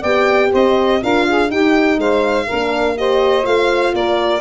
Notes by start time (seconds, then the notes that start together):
0.00 B3 G4 D5 G5
0.52 C4 C5 D#5
1.02 D4 F4 A#4 F5
1.28 G#4
1.48 D#4 G4 G5
1.97 G#3 C5 F5
2.45 D4 A#4
2.52 A#3
2.97 G4 C5 D#5
3.43 A3 F4 F5
3.93 A#3 A#4 D5